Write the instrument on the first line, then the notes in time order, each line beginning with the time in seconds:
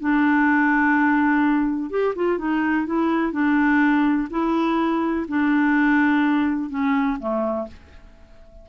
clarinet
0.00 D4
1.90 G4
2.16 F4
2.38 D#4
2.86 E4
3.33 D4
4.30 E4
5.28 D4
6.70 C#4
7.20 A3